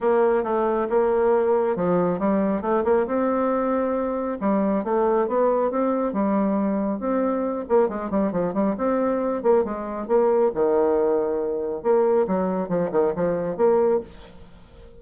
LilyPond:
\new Staff \with { instrumentName = "bassoon" } { \time 4/4 \tempo 4 = 137 ais4 a4 ais2 | f4 g4 a8 ais8 c'4~ | c'2 g4 a4 | b4 c'4 g2 |
c'4. ais8 gis8 g8 f8 g8 | c'4. ais8 gis4 ais4 | dis2. ais4 | fis4 f8 dis8 f4 ais4 | }